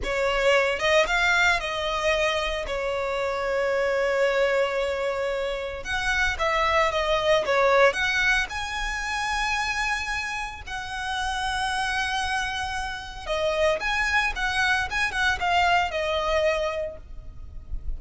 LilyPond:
\new Staff \with { instrumentName = "violin" } { \time 4/4 \tempo 4 = 113 cis''4. dis''8 f''4 dis''4~ | dis''4 cis''2.~ | cis''2. fis''4 | e''4 dis''4 cis''4 fis''4 |
gis''1 | fis''1~ | fis''4 dis''4 gis''4 fis''4 | gis''8 fis''8 f''4 dis''2 | }